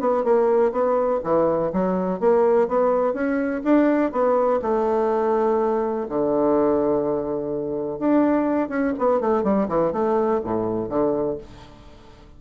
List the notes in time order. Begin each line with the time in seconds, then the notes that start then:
0.00 B3
0.24 A#3
0.72 B3
1.24 E3
1.73 F#3
2.20 A#3
2.68 B3
3.14 C#4
3.64 D4
4.12 B3
4.62 A3
6.09 D3
7.99 D4
8.69 C#4
8.99 B3
9.21 A3
9.44 G3
9.68 E3
9.92 A3
10.44 A2
10.89 D3